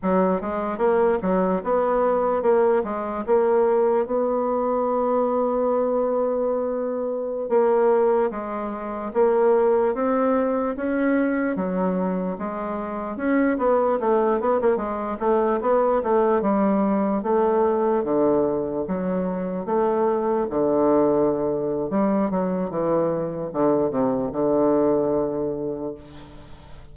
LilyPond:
\new Staff \with { instrumentName = "bassoon" } { \time 4/4 \tempo 4 = 74 fis8 gis8 ais8 fis8 b4 ais8 gis8 | ais4 b2.~ | b4~ b16 ais4 gis4 ais8.~ | ais16 c'4 cis'4 fis4 gis8.~ |
gis16 cis'8 b8 a8 b16 ais16 gis8 a8 b8 a16~ | a16 g4 a4 d4 fis8.~ | fis16 a4 d4.~ d16 g8 fis8 | e4 d8 c8 d2 | }